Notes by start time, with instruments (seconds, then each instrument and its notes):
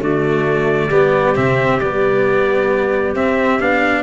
0.00 tuba D3, cello A3, clarinet F#4, trumpet D5
0.87 tuba G3, cello B3, clarinet G4
1.35 tuba C3, cello C4, trumpet E5
1.80 tuba G3, cello B3, trumpet D5
3.14 tuba C4, cello C4, trumpet E5
3.59 tuba B3, cello D4, trumpet F5